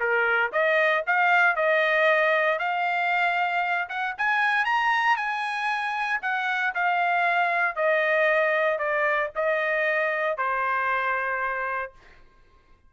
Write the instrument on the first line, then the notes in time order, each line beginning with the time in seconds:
trumpet
0.00 A#4
0.53 D#5
1.07 F5
1.56 D#5
2.59 F5
3.89 F#5
4.18 G#5
4.65 A#5
5.17 G#5
6.22 F#5
6.75 F5
7.76 D#5
8.79 D5
9.36 D#5
10.38 C5